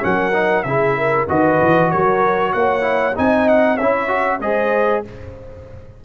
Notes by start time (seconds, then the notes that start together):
0.00 F#3 C#4 A#4 F#5
0.33 D#4
0.63 C#3 E4 G#4 E5
0.97 A#4
1.28 D#3 F#4 B4 D#5
1.61 E3
1.90 F#3 A#4 C#5
2.52 A#3 C#5 F#5
2.80 E4
3.15 C4 D#4 D#5 G#5
3.48 F#5
3.75 C#4 E4 C#5 E5
4.08 F#4
4.40 G#3 G#4 C5 D#5